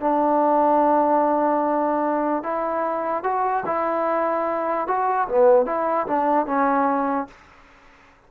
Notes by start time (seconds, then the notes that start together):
0.00 D4
2.43 E4
3.23 F#4
3.66 E4
4.87 F#4
5.29 B3
5.66 E4
6.07 D4
6.46 C#4